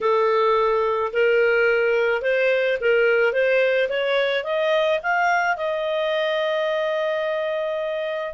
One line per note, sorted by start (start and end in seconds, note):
0.01 1.12 A4
1.13 2.21 A#4
2.21 2.77 C5
2.80 3.32 A#4
3.32 3.88 C5
3.89 4.44 C#5
4.44 4.99 D#5
5.03 5.57 F5
5.57 8.33 D#5